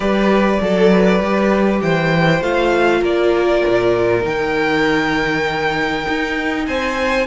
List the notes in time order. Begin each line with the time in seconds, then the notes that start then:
0.00 G3 G4 B4 D5
0.60 F#3 A4
0.91 B4
1.20 G3 G4
1.82 E3 C5 G5
2.41 A3 F4 F5
3.00 A#3 A#4 D5
3.67 A#2
4.21 D#3 D#4 G5
6.08 D#4
6.66 C4 C5 G#5